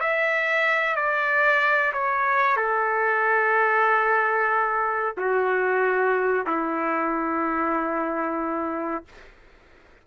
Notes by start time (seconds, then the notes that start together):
0.00 E5
0.95 D5
1.92 C#5
2.56 A4
5.17 F#4
6.46 E4